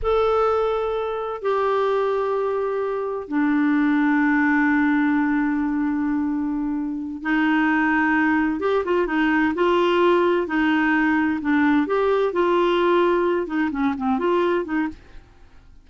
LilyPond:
\new Staff \with { instrumentName = "clarinet" } { \time 4/4 \tempo 4 = 129 a'2. g'4~ | g'2. d'4~ | d'1~ | d'2.~ d'8 dis'8~ |
dis'2~ dis'8 g'8 f'8 dis'8~ | dis'8 f'2 dis'4.~ | dis'8 d'4 g'4 f'4.~ | f'4 dis'8 cis'8 c'8 f'4 dis'8 | }